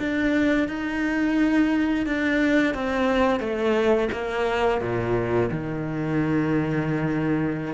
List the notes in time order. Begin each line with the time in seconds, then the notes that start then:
0.00 D4
0.69 D#4
2.07 D4
2.75 C4
3.40 A3
4.13 A#3
4.82 A#2
5.51 D#3